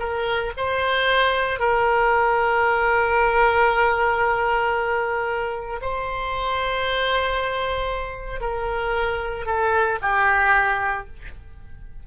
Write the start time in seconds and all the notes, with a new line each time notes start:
0.00 A#4
0.57 C5
1.60 A#4
5.82 C5
8.41 A#4
9.46 A4
10.02 G4